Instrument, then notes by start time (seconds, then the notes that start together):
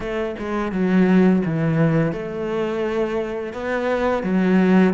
cello
0.00 A3
0.38 G#3
0.72 F#3
1.45 E3
2.12 A3
3.53 B3
4.23 F#3